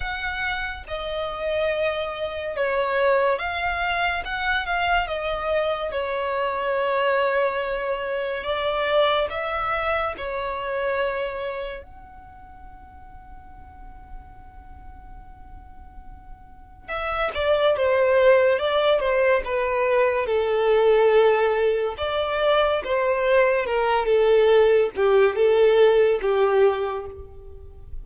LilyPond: \new Staff \with { instrumentName = "violin" } { \time 4/4 \tempo 4 = 71 fis''4 dis''2 cis''4 | f''4 fis''8 f''8 dis''4 cis''4~ | cis''2 d''4 e''4 | cis''2 fis''2~ |
fis''1 | e''8 d''8 c''4 d''8 c''8 b'4 | a'2 d''4 c''4 | ais'8 a'4 g'8 a'4 g'4 | }